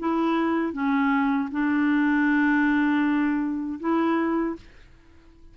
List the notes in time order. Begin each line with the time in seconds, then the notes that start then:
0.00 E4
0.74 C#4
1.52 D4
3.80 E4